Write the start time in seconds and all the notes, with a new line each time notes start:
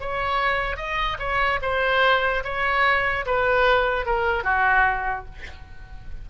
0.00 C#5
0.76 D#5
1.18 C#5
1.61 C5
2.43 C#5
3.25 B4
4.06 A#4
4.43 F#4